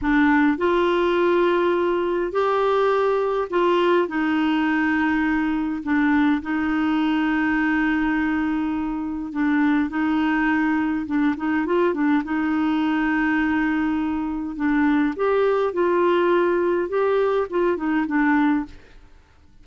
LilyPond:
\new Staff \with { instrumentName = "clarinet" } { \time 4/4 \tempo 4 = 103 d'4 f'2. | g'2 f'4 dis'4~ | dis'2 d'4 dis'4~ | dis'1 |
d'4 dis'2 d'8 dis'8 | f'8 d'8 dis'2.~ | dis'4 d'4 g'4 f'4~ | f'4 g'4 f'8 dis'8 d'4 | }